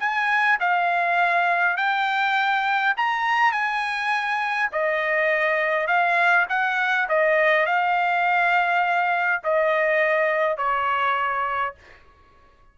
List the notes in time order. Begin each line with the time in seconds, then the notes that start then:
0.00 G#5
0.60 F5
1.77 G5
2.97 A#5
3.52 G#5
4.72 D#5
5.87 F5
6.49 F#5
7.09 D#5
7.66 F5
9.44 D#5
10.57 C#5